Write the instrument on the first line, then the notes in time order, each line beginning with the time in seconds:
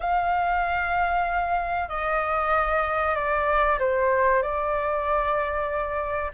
flute
0.00 F5
1.89 D#5
3.15 D5
3.79 C5
4.42 D5